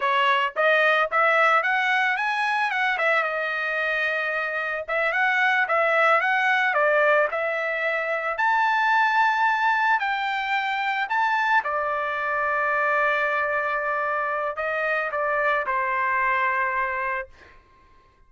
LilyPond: \new Staff \with { instrumentName = "trumpet" } { \time 4/4 \tempo 4 = 111 cis''4 dis''4 e''4 fis''4 | gis''4 fis''8 e''8 dis''2~ | dis''4 e''8 fis''4 e''4 fis''8~ | fis''8 d''4 e''2 a''8~ |
a''2~ a''8 g''4.~ | g''8 a''4 d''2~ d''8~ | d''2. dis''4 | d''4 c''2. | }